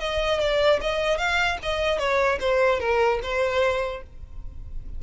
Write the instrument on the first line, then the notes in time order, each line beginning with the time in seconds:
violin
0.00 D#5
0.40 D5
0.81 D#5
1.18 F5
1.63 D#5
1.99 C#5
2.40 C5
2.80 A#4
3.23 C5